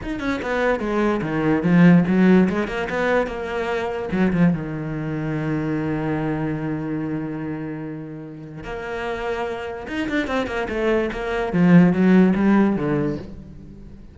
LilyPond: \new Staff \with { instrumentName = "cello" } { \time 4/4 \tempo 4 = 146 dis'8 cis'8 b4 gis4 dis4 | f4 fis4 gis8 ais8 b4 | ais2 fis8 f8 dis4~ | dis1~ |
dis1~ | dis4 ais2. | dis'8 d'8 c'8 ais8 a4 ais4 | f4 fis4 g4 d4 | }